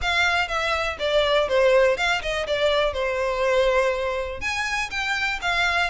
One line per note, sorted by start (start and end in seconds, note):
0.01 0.47 F5
0.47 0.97 E5
0.99 1.48 D5
1.48 1.97 C5
1.97 2.21 F5
2.21 2.46 D#5
2.46 2.93 D5
2.93 4.40 C5
4.41 4.90 G#5
4.90 5.39 G5
5.41 5.90 F5